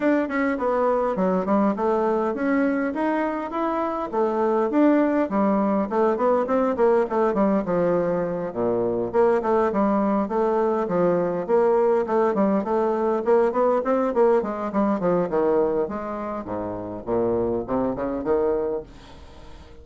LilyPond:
\new Staff \with { instrumentName = "bassoon" } { \time 4/4 \tempo 4 = 102 d'8 cis'8 b4 fis8 g8 a4 | cis'4 dis'4 e'4 a4 | d'4 g4 a8 b8 c'8 ais8 | a8 g8 f4. ais,4 ais8 |
a8 g4 a4 f4 ais8~ | ais8 a8 g8 a4 ais8 b8 c'8 | ais8 gis8 g8 f8 dis4 gis4 | gis,4 ais,4 c8 cis8 dis4 | }